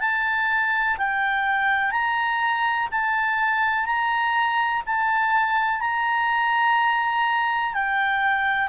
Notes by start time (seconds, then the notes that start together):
0.00 A5
0.98 G5
1.91 A#5
2.91 A5
3.86 A#5
4.86 A5
5.80 A#5
7.73 G5